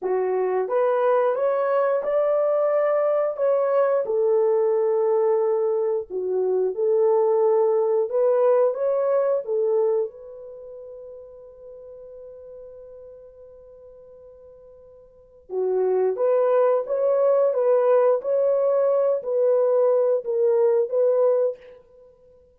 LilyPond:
\new Staff \with { instrumentName = "horn" } { \time 4/4 \tempo 4 = 89 fis'4 b'4 cis''4 d''4~ | d''4 cis''4 a'2~ | a'4 fis'4 a'2 | b'4 cis''4 a'4 b'4~ |
b'1~ | b'2. fis'4 | b'4 cis''4 b'4 cis''4~ | cis''8 b'4. ais'4 b'4 | }